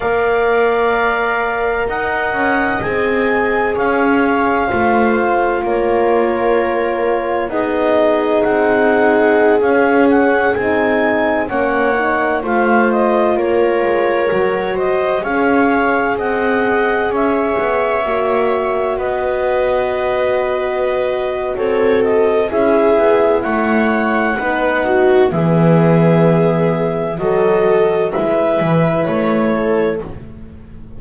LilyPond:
<<
  \new Staff \with { instrumentName = "clarinet" } { \time 4/4 \tempo 4 = 64 f''2 fis''4 gis''4 | f''2 cis''2 | dis''4 fis''4~ fis''16 f''8 fis''8 gis''8.~ | gis''16 fis''4 f''8 dis''8 cis''4. dis''16~ |
dis''16 f''4 fis''4 e''4.~ e''16~ | e''16 dis''2~ dis''8. cis''8 dis''8 | e''4 fis''2 e''4~ | e''4 dis''4 e''4 cis''4 | }
  \new Staff \with { instrumentName = "viola" } { \time 4/4 d''2 dis''2 | cis''4 c''4 ais'2 | gis'1~ | gis'16 cis''4 c''4 ais'4. c''16~ |
c''16 cis''4 dis''4 cis''4.~ cis''16~ | cis''16 b'2~ b'8. a'4 | gis'4 cis''4 b'8 fis'8 gis'4~ | gis'4 a'4 b'4. a'8 | }
  \new Staff \with { instrumentName = "horn" } { \time 4/4 ais'2. gis'4~ | gis'4 f'2. | dis'2~ dis'16 cis'4 dis'8.~ | dis'16 cis'8 dis'8 f'2 fis'8.~ |
fis'16 gis'2. fis'8.~ | fis'1 | e'2 dis'4 b4~ | b4 fis'4 e'2 | }
  \new Staff \with { instrumentName = "double bass" } { \time 4/4 ais2 dis'8 cis'8 c'4 | cis'4 a4 ais2 | b4 c'4~ c'16 cis'4 c'8.~ | c'16 ais4 a4 ais8 gis8 fis8.~ |
fis16 cis'4 c'4 cis'8 b8 ais8.~ | ais16 b2~ b8. c'4 | cis'8 b8 a4 b4 e4~ | e4 fis4 gis8 e8 a4 | }
>>